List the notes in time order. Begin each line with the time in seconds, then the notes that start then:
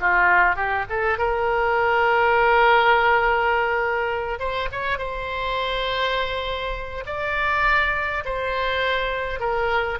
0.00 F4
0.56 G4
0.90 A4
1.18 A#4
4.39 C5
4.72 C#5
4.98 C5
7.06 D5
8.25 C5
9.40 A#4